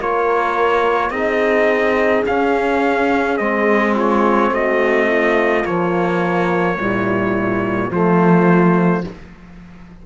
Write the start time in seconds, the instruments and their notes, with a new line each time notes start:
0.00 cello A#3, trombone F4, horn A#4, trumpet C#5
1.10 cello C4, trombone D#4, horn G#4, trumpet D#5
2.25 trombone C#4, cello C#4, trumpet F5
3.37 cello G#3, trombone C4, trumpet D#5
3.94 horn F4, trumpet C#5
4.50 cello A3, horn F#4, trumpet D#5
5.07 horn F4
5.64 trombone F3, cello A#3, trumpet C#5
6.77 cello A#2, trombone G3, horn E4
7.90 cello F3, trombone A3, horn F4, trumpet C5